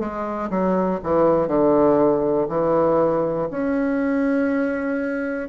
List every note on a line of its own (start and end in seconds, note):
0.00 0.50 G#3
0.50 1.00 F#3
1.03 1.48 E3
1.48 2.48 D3
2.49 3.49 E3
3.51 5.49 C#4